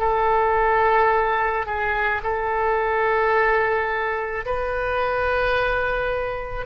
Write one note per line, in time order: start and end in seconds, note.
0.00 1.67 A4
1.67 2.22 G#4
2.24 4.46 A4
4.46 6.67 B4